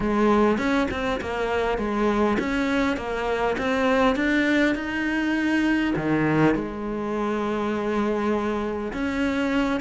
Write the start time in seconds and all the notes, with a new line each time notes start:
0.00 G#3
0.58 C#4
0.90 C4
1.20 A#3
1.78 G#3
2.39 C#4
2.96 A#3
3.58 C4
4.15 D4
4.75 D#4
5.95 D#3
6.54 G#3
8.92 C#4